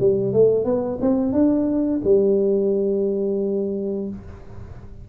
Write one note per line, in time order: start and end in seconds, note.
0.00 0.33 G3
0.33 0.64 A3
0.64 0.99 B3
1.01 1.33 C4
1.33 2.01 D4
2.05 4.09 G3